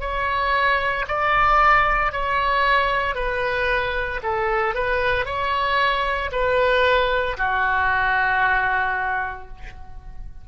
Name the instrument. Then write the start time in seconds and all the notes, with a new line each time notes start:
oboe
0.00 C#5
1.08 D5
2.12 C#5
3.15 B4
4.23 A4
4.75 B4
5.25 C#5
6.32 B4
7.37 F#4